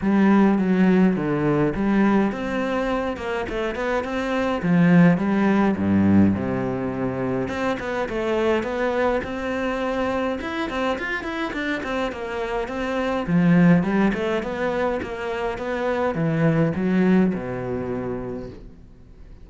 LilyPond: \new Staff \with { instrumentName = "cello" } { \time 4/4 \tempo 4 = 104 g4 fis4 d4 g4 | c'4. ais8 a8 b8 c'4 | f4 g4 g,4 c4~ | c4 c'8 b8 a4 b4 |
c'2 e'8 c'8 f'8 e'8 | d'8 c'8 ais4 c'4 f4 | g8 a8 b4 ais4 b4 | e4 fis4 b,2 | }